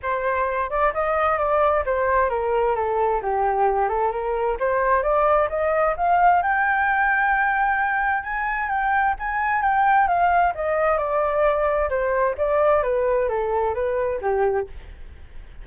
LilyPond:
\new Staff \with { instrumentName = "flute" } { \time 4/4 \tempo 4 = 131 c''4. d''8 dis''4 d''4 | c''4 ais'4 a'4 g'4~ | g'8 a'8 ais'4 c''4 d''4 | dis''4 f''4 g''2~ |
g''2 gis''4 g''4 | gis''4 g''4 f''4 dis''4 | d''2 c''4 d''4 | b'4 a'4 b'4 g'4 | }